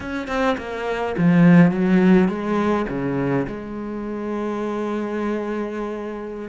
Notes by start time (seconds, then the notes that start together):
0.00 C#4
0.27 C4
0.57 A#3
1.17 F3
1.71 F#3
2.28 G#3
2.88 C#3
3.47 G#3